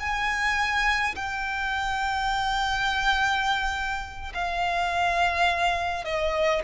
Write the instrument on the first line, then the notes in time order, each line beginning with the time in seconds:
violin
0.00 G#5
1.15 G5
4.34 F5
6.05 D#5